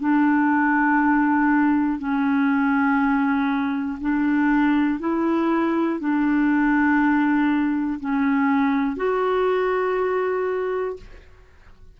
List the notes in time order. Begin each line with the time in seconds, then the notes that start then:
0.00 D4
1.98 C#4
4.00 D4
4.99 E4
6.00 D4
8.00 C#4
8.96 F#4